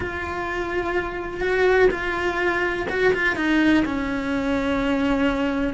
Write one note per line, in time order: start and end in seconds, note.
0.00 1.41 F4
1.41 1.89 F#4
1.90 2.86 F4
2.89 3.13 F#4
3.13 3.36 F4
3.36 3.84 D#4
3.85 5.73 C#4